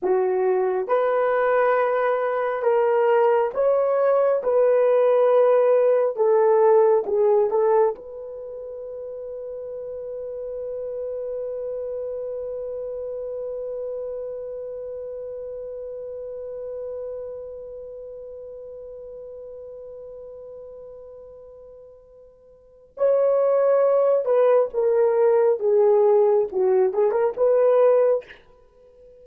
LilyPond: \new Staff \with { instrumentName = "horn" } { \time 4/4 \tempo 4 = 68 fis'4 b'2 ais'4 | cis''4 b'2 a'4 | gis'8 a'8 b'2.~ | b'1~ |
b'1~ | b'1~ | b'2 cis''4. b'8 | ais'4 gis'4 fis'8 gis'16 ais'16 b'4 | }